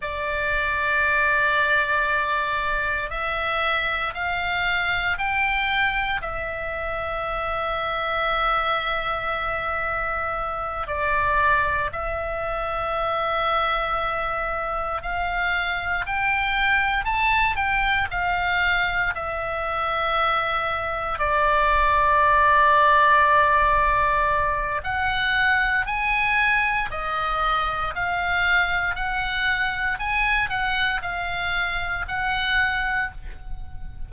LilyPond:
\new Staff \with { instrumentName = "oboe" } { \time 4/4 \tempo 4 = 58 d''2. e''4 | f''4 g''4 e''2~ | e''2~ e''8 d''4 e''8~ | e''2~ e''8 f''4 g''8~ |
g''8 a''8 g''8 f''4 e''4.~ | e''8 d''2.~ d''8 | fis''4 gis''4 dis''4 f''4 | fis''4 gis''8 fis''8 f''4 fis''4 | }